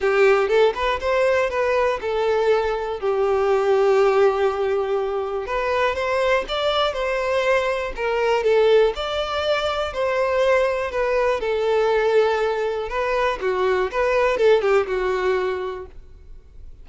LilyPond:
\new Staff \with { instrumentName = "violin" } { \time 4/4 \tempo 4 = 121 g'4 a'8 b'8 c''4 b'4 | a'2 g'2~ | g'2. b'4 | c''4 d''4 c''2 |
ais'4 a'4 d''2 | c''2 b'4 a'4~ | a'2 b'4 fis'4 | b'4 a'8 g'8 fis'2 | }